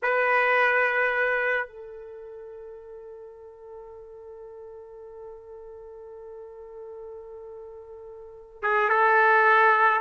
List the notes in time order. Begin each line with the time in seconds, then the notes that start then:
0.02 B4
1.67 A4
8.62 G#4
8.89 A4